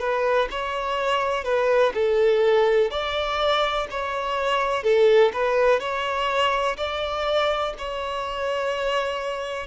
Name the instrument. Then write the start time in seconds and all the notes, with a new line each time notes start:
violin
0.00 B4
0.51 C#5
1.44 B4
1.94 A4
2.91 D5
3.91 C#5
4.84 A4
5.34 B4
5.80 C#5
6.77 D5
7.78 C#5